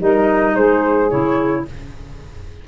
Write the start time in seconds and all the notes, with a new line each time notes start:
0.00 G3 D#4 A#4 D#5
0.55 G#3 G#4 C5
1.10 C#3 E4 C#5